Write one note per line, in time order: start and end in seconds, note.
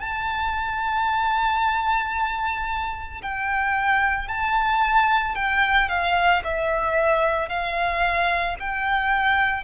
0.00 3.21 A5
3.22 4.28 G5
4.28 5.35 A5
5.35 5.89 G5
5.89 6.42 F5
6.44 7.49 E5
7.49 8.56 F5
8.60 9.64 G5